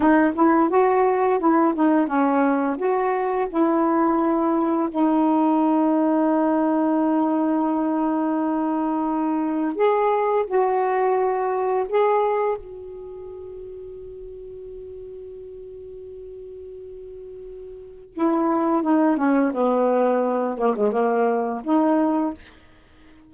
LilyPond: \new Staff \with { instrumentName = "saxophone" } { \time 4/4 \tempo 4 = 86 dis'8 e'8 fis'4 e'8 dis'8 cis'4 | fis'4 e'2 dis'4~ | dis'1~ | dis'2 gis'4 fis'4~ |
fis'4 gis'4 fis'2~ | fis'1~ | fis'2 e'4 dis'8 cis'8 | b4. ais16 gis16 ais4 dis'4 | }